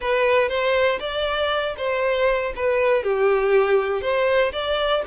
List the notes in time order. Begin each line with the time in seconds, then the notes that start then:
0.00 B4
0.48 C5
0.99 D5
1.77 C5
2.56 B4
3.03 G4
4.01 C5
4.52 D5